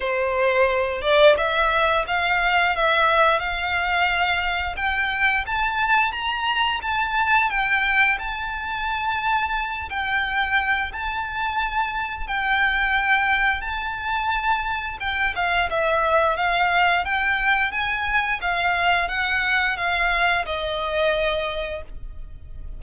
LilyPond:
\new Staff \with { instrumentName = "violin" } { \time 4/4 \tempo 4 = 88 c''4. d''8 e''4 f''4 | e''4 f''2 g''4 | a''4 ais''4 a''4 g''4 | a''2~ a''8 g''4. |
a''2 g''2 | a''2 g''8 f''8 e''4 | f''4 g''4 gis''4 f''4 | fis''4 f''4 dis''2 | }